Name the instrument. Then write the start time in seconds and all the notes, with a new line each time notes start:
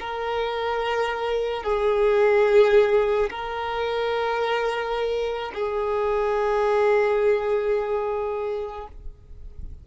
violin
0.00 A#4
1.64 G#4
3.30 A#4
5.55 G#4